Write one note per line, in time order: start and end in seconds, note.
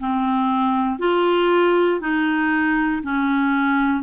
0.00 0.99 C4
0.99 2.01 F4
2.01 3.02 D#4
3.03 4.03 C#4